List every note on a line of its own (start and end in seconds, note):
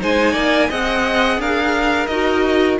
0.00 0.33 G#3
0.00 0.69 D#4
0.00 0.32 C5
0.00 0.71 G#5
0.32 0.68 A#3
0.32 0.67 D5
0.69 1.37 C4
0.69 2.08 G#4
0.69 1.39 D#5
0.69 1.41 F#5
1.37 2.07 D4
1.37 2.79 A#4
1.37 2.06 F5
2.06 2.77 D#4
2.06 2.79 F#4
2.06 2.76 D#5